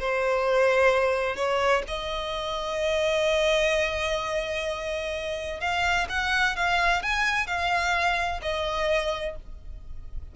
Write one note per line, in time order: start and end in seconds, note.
0.00 1.36 C5
1.36 1.83 C#5
1.88 5.61 D#5
5.61 6.08 F5
6.10 6.56 F#5
6.56 7.03 F5
7.03 7.47 G#5
7.47 8.41 F5
8.42 9.36 D#5